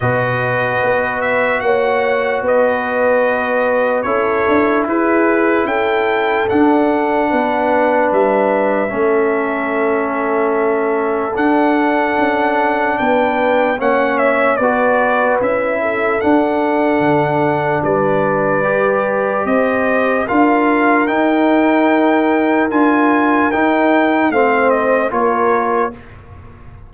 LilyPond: <<
  \new Staff \with { instrumentName = "trumpet" } { \time 4/4 \tempo 4 = 74 dis''4. e''8 fis''4 dis''4~ | dis''4 cis''4 b'4 g''4 | fis''2 e''2~ | e''2 fis''2 |
g''4 fis''8 e''8 d''4 e''4 | fis''2 d''2 | dis''4 f''4 g''2 | gis''4 g''4 f''8 dis''8 cis''4 | }
  \new Staff \with { instrumentName = "horn" } { \time 4/4 b'2 cis''4 b'4~ | b'4 a'4 gis'4 a'4~ | a'4 b'2 a'4~ | a'1 |
b'4 cis''4 b'4. a'8~ | a'2 b'2 | c''4 ais'2.~ | ais'2 c''4 ais'4 | }
  \new Staff \with { instrumentName = "trombone" } { \time 4/4 fis'1~ | fis'4 e'2. | d'2. cis'4~ | cis'2 d'2~ |
d'4 cis'4 fis'4 e'4 | d'2. g'4~ | g'4 f'4 dis'2 | f'4 dis'4 c'4 f'4 | }
  \new Staff \with { instrumentName = "tuba" } { \time 4/4 b,4 b4 ais4 b4~ | b4 cis'8 d'8 e'4 cis'4 | d'4 b4 g4 a4~ | a2 d'4 cis'4 |
b4 ais4 b4 cis'4 | d'4 d4 g2 | c'4 d'4 dis'2 | d'4 dis'4 a4 ais4 | }
>>